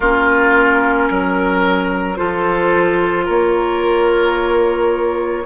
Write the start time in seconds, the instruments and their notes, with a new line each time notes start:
0.00 bassoon A#3, clarinet C#4, oboe F4, flute A#4
1.09 bassoon F#3, oboe A#4
2.16 bassoon F3, clarinet F4, oboe A4, flute C5
3.25 bassoon A#3, oboe A#4, flute C#5